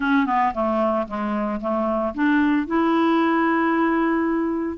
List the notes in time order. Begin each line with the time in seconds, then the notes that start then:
0.00 C#4
0.26 B3
0.54 A3
1.07 G#3
1.60 A3
2.14 D4
2.66 E4